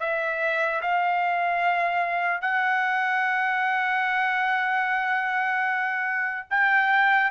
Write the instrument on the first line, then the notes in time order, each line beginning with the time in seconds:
trumpet
0.00 E5
0.81 F5
2.41 F#5
6.50 G5